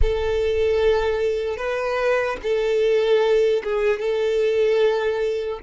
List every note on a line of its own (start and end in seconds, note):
0.01 1.56 A4
1.56 2.36 B4
2.43 3.63 A4
3.63 3.99 G#4
3.99 5.59 A4